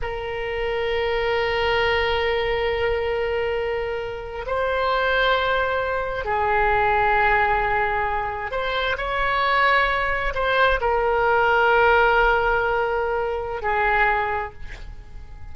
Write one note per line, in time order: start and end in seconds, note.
0.02 4.45 A#4
4.46 6.24 C5
6.24 8.51 G#4
8.51 8.96 C5
8.97 10.33 C#5
10.34 10.80 C5
10.80 13.62 A#4
13.62 14.53 G#4